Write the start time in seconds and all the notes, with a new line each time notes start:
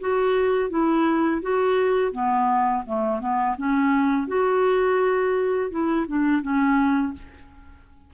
0.00 F#4
0.70 E4
1.42 F#4
2.12 B3
2.86 A3
3.20 B3
3.57 C#4
4.27 F#4
5.70 E4
6.07 D4
6.42 C#4